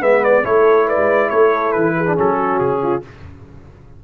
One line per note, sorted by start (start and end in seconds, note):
0.00 0.44 G#3
0.00 0.44 B3
0.00 0.43 B4
0.00 0.24 E5
0.24 0.45 D5
0.44 0.97 A3
0.44 2.05 E4
0.44 0.87 A4
0.44 0.88 C#5
0.87 1.30 B4
0.87 1.29 D5
0.97 1.30 G#3
1.29 1.75 A3
1.29 1.96 A4
1.29 1.72 C#5
1.72 2.18 E3
1.72 2.15 B4
1.97 2.36 G#4
2.06 2.15 D4
2.15 2.60 F#3
2.15 3.02 C#4
2.15 2.59 A4
2.36 2.79 F#4
2.59 3.03 C#3
2.59 3.02 G#4
2.82 3.04 F4